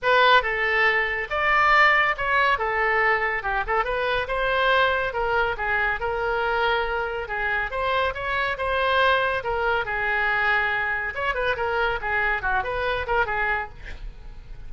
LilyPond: \new Staff \with { instrumentName = "oboe" } { \time 4/4 \tempo 4 = 140 b'4 a'2 d''4~ | d''4 cis''4 a'2 | g'8 a'8 b'4 c''2 | ais'4 gis'4 ais'2~ |
ais'4 gis'4 c''4 cis''4 | c''2 ais'4 gis'4~ | gis'2 cis''8 b'8 ais'4 | gis'4 fis'8 b'4 ais'8 gis'4 | }